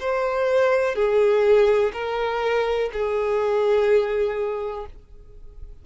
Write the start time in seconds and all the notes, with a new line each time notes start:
0.00 C5
0.95 G#4
1.94 A#4
2.93 G#4